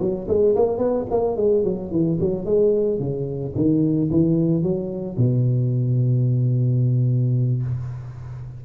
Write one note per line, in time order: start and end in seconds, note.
0.00 0.27 F#3
0.28 0.55 G#3
0.56 0.78 A#3
0.78 1.05 B3
1.10 1.37 A#3
1.37 1.64 G#3
1.64 1.91 F#3
1.91 2.18 E3
2.20 2.45 F#3
2.45 2.99 G#3
2.99 3.54 C#3
3.56 4.10 D#3
4.11 4.63 E3
4.63 5.17 F#3
5.17 7.63 B2